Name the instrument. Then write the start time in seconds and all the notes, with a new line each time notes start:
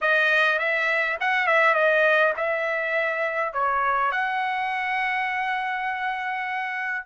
trumpet
0.01 D#5
0.58 E5
1.20 F#5
1.46 E5
1.74 D#5
2.36 E5
3.53 C#5
4.11 F#5